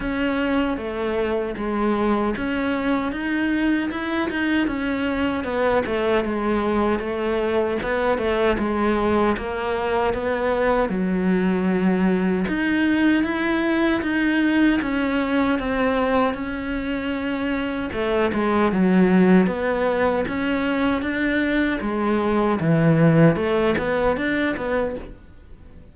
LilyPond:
\new Staff \with { instrumentName = "cello" } { \time 4/4 \tempo 4 = 77 cis'4 a4 gis4 cis'4 | dis'4 e'8 dis'8 cis'4 b8 a8 | gis4 a4 b8 a8 gis4 | ais4 b4 fis2 |
dis'4 e'4 dis'4 cis'4 | c'4 cis'2 a8 gis8 | fis4 b4 cis'4 d'4 | gis4 e4 a8 b8 d'8 b8 | }